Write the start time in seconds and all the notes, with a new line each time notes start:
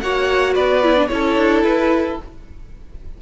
0.00 A#3 F#4 C#5 F#5
0.54 B3 B4 D5
0.83 E4
0.96 D4
1.07 C#4 E4 A4 C#5
1.36 D4
1.63 E4 B4